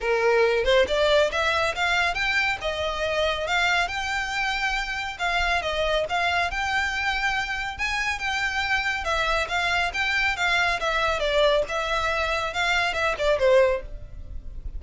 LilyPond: \new Staff \with { instrumentName = "violin" } { \time 4/4 \tempo 4 = 139 ais'4. c''8 d''4 e''4 | f''4 g''4 dis''2 | f''4 g''2. | f''4 dis''4 f''4 g''4~ |
g''2 gis''4 g''4~ | g''4 e''4 f''4 g''4 | f''4 e''4 d''4 e''4~ | e''4 f''4 e''8 d''8 c''4 | }